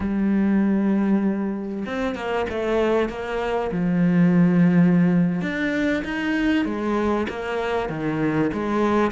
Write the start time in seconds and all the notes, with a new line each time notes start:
0.00 G3
1.86 C4
2.15 A#3
2.49 A3
3.09 A#3
3.71 F3
5.41 D4
6.04 D#4
6.65 G#3
7.29 A#3
7.89 D#3
8.53 G#3